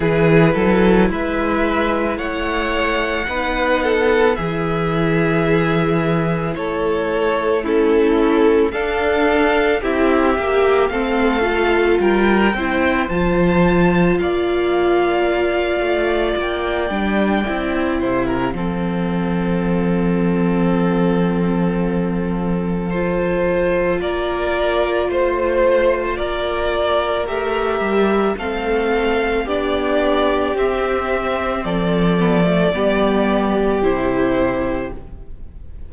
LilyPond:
<<
  \new Staff \with { instrumentName = "violin" } { \time 4/4 \tempo 4 = 55 b'4 e''4 fis''2 | e''2 cis''4 a'4 | f''4 e''4 f''4 g''4 | a''4 f''2 g''4~ |
g''8 f''2.~ f''8~ | f''4 c''4 d''4 c''4 | d''4 e''4 f''4 d''4 | e''4 d''2 c''4 | }
  \new Staff \with { instrumentName = "violin" } { \time 4/4 gis'8 a'8 b'4 cis''4 b'8 a'8 | gis'2 a'4 e'4 | a'4 g'4 a'4 ais'8 c''8~ | c''4 d''2.~ |
d''8 c''16 ais'16 a'2.~ | a'2 ais'4 c''4 | ais'2 a'4 g'4~ | g'4 a'4 g'2 | }
  \new Staff \with { instrumentName = "viola" } { \time 4/4 e'2. dis'4 | e'2. cis'4 | d'4 e'8 g'8 c'8 f'4 e'8 | f'2.~ f'8 d'8 |
e'4 c'2.~ | c'4 f'2.~ | f'4 g'4 c'4 d'4 | c'4. b16 a16 b4 e'4 | }
  \new Staff \with { instrumentName = "cello" } { \time 4/4 e8 fis8 gis4 a4 b4 | e2 a2 | d'4 c'8 ais8 a4 g8 c'8 | f4 ais4. a8 ais8 g8 |
c'8 c8 f2.~ | f2 ais4 a4 | ais4 a8 g8 a4 b4 | c'4 f4 g4 c4 | }
>>